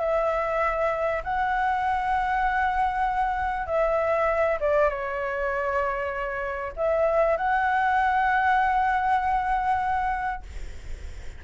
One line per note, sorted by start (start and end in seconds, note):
0.00 1.22 E5
1.24 3.67 F#5
3.67 4.58 E5
4.60 4.89 D5
4.89 6.73 C#5
6.76 7.37 E5
7.37 10.43 F#5